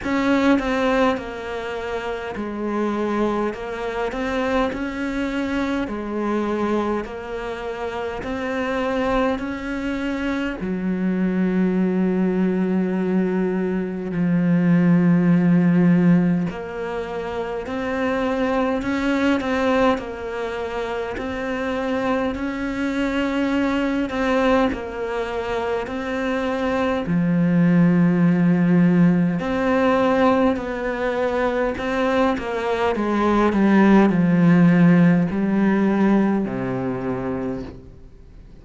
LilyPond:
\new Staff \with { instrumentName = "cello" } { \time 4/4 \tempo 4 = 51 cis'8 c'8 ais4 gis4 ais8 c'8 | cis'4 gis4 ais4 c'4 | cis'4 fis2. | f2 ais4 c'4 |
cis'8 c'8 ais4 c'4 cis'4~ | cis'8 c'8 ais4 c'4 f4~ | f4 c'4 b4 c'8 ais8 | gis8 g8 f4 g4 c4 | }